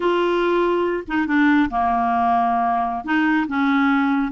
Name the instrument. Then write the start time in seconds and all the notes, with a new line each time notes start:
clarinet
0.00 F4
1.07 D#4
1.27 D4
1.70 A#3
3.04 D#4
3.47 C#4